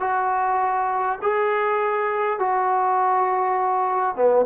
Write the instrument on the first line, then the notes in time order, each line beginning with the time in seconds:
trombone
0.00 F#4
1.22 G#4
2.39 F#4
4.16 B3